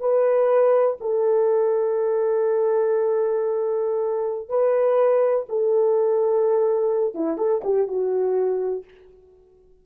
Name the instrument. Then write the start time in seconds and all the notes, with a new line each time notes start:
horn
0.00 B4
1.00 A4
4.49 B4
5.49 A4
7.14 E4
7.37 A4
7.64 G4
7.88 F#4